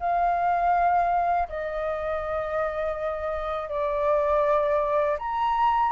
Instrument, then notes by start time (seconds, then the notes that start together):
flute
0.00 F5
1.48 D#5
3.69 D5
5.19 A#5